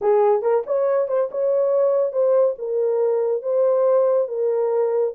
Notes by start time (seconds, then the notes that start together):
0.01 G#4
0.42 A#4
0.66 C#5
1.08 C5
1.31 C#5
2.12 C5
2.58 A#4
3.42 C5
4.28 A#4